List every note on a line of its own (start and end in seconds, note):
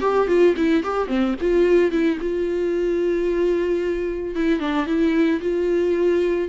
0.00 0.27 G4
0.27 0.54 F4
0.57 0.83 E4
0.83 1.07 G4
1.07 1.34 C4
1.41 1.91 F4
1.91 2.18 E4
2.20 4.35 F4
4.35 4.59 E4
4.59 4.86 D4
4.86 5.40 E4
5.41 6.48 F4